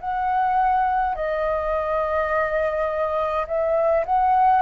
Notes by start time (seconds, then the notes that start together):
0.00 F#5
1.15 D#5
3.47 E5
4.05 F#5